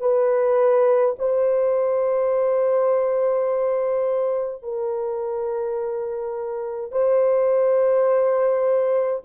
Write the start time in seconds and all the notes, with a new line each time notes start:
0.00 B4
1.19 C5
4.63 A#4
6.91 C5